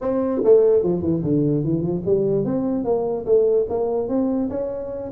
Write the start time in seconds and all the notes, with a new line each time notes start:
0.01 C4
0.44 A3
0.83 F3
1.01 E3
1.23 D3
1.63 E3
1.81 F3
2.05 G3
2.44 C4
2.84 A#3
3.25 A3
3.69 A#3
4.08 C4
4.49 C#4